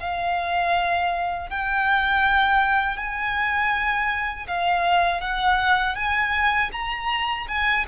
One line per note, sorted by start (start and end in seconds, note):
0.00 1.50 F5
1.50 2.97 G5
2.97 4.47 G#5
4.47 5.21 F5
5.21 5.96 F#5
5.96 6.71 G#5
6.72 7.47 A#5
7.48 7.85 G#5